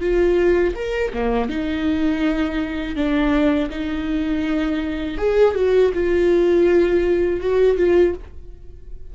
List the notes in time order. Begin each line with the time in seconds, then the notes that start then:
0.00 F4
0.75 A#4
1.13 A#3
1.49 D#4
2.95 D4
3.70 D#4
5.18 G#4
5.55 F#4
5.94 F4
7.40 F#4
7.77 F4